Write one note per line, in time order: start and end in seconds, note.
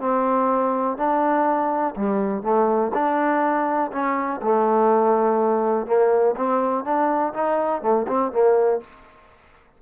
0.00 0.97 C4
0.97 1.95 D4
1.96 2.43 G3
2.43 2.92 A3
2.94 3.91 D4
3.92 4.41 C#4
4.42 5.87 A3
5.87 6.35 A#3
6.36 6.84 C4
6.84 7.33 D4
7.33 7.82 D#4
7.82 8.06 A3
8.08 8.32 C4
8.32 8.81 A#3